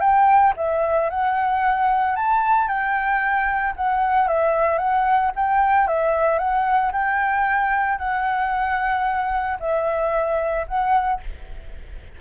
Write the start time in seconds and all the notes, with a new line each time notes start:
0.00 G5
0.56 E5
1.09 F#5
2.16 A5
2.67 G5
3.76 F#5
4.28 E5
4.78 F#5
5.36 G5
5.87 E5
6.38 F#5
6.92 G5
7.98 F#5
9.60 E5
10.67 F#5